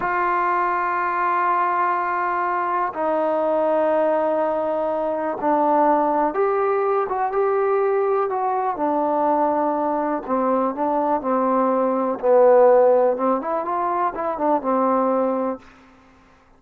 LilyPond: \new Staff \with { instrumentName = "trombone" } { \time 4/4 \tempo 4 = 123 f'1~ | f'2 dis'2~ | dis'2. d'4~ | d'4 g'4. fis'8 g'4~ |
g'4 fis'4 d'2~ | d'4 c'4 d'4 c'4~ | c'4 b2 c'8 e'8 | f'4 e'8 d'8 c'2 | }